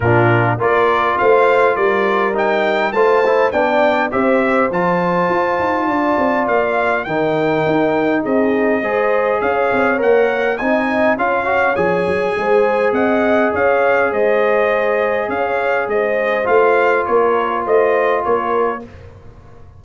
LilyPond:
<<
  \new Staff \with { instrumentName = "trumpet" } { \time 4/4 \tempo 4 = 102 ais'4 d''4 f''4 d''4 | g''4 a''4 g''4 e''4 | a''2. f''4 | g''2 dis''2 |
f''4 fis''4 gis''4 f''4 | gis''2 fis''4 f''4 | dis''2 f''4 dis''4 | f''4 cis''4 dis''4 cis''4 | }
  \new Staff \with { instrumentName = "horn" } { \time 4/4 f'4 ais'4 c''4 ais'4~ | ais'4 c''4 d''4 c''4~ | c''2 d''2 | ais'2 gis'4 c''4 |
cis''2 dis''4 cis''4~ | cis''4 c''4 dis''4 cis''4 | c''2 cis''4 c''4~ | c''4 ais'4 c''4 ais'4 | }
  \new Staff \with { instrumentName = "trombone" } { \time 4/4 d'4 f'2. | dis'4 f'8 e'8 d'4 g'4 | f'1 | dis'2. gis'4~ |
gis'4 ais'4 dis'4 f'8 fis'8 | gis'1~ | gis'1 | f'1 | }
  \new Staff \with { instrumentName = "tuba" } { \time 4/4 ais,4 ais4 a4 g4~ | g4 a4 b4 c'4 | f4 f'8 dis'8 d'8 c'8 ais4 | dis4 dis'4 c'4 gis4 |
cis'8 c'8 ais4 c'4 cis'4 | f8 fis8 gis4 c'4 cis'4 | gis2 cis'4 gis4 | a4 ais4 a4 ais4 | }
>>